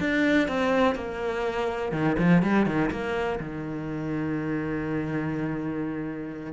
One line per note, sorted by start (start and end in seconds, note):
0.00 0.48 D4
0.48 0.95 C4
0.95 1.92 A#3
1.92 2.16 D#3
2.19 2.42 F3
2.42 2.66 G3
2.66 2.90 D#3
2.91 3.39 A#3
3.40 6.53 D#3